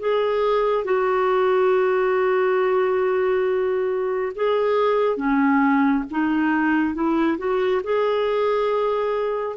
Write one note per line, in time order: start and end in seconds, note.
0.00 0.85 G#4
0.85 4.33 F#4
4.36 5.17 G#4
5.17 6.04 C#4
6.11 6.95 D#4
6.95 7.38 E4
7.38 7.82 F#4
7.84 9.57 G#4